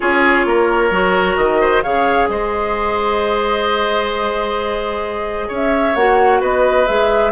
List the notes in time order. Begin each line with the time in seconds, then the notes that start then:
0.00 C#4 F4 G#4 C#5
0.45 A#3 A#4
0.90 F#3 F#4
1.36 D#3 D#5
1.60 C5
1.82 C#3 G#4 C#5 F5
2.28 G#3 C5 D#5
5.47 C#4 C#5
5.54 E5
5.95 A#3 F#4 F#5
6.40 B3 B4 D#5
6.86 G#3 G#4 E5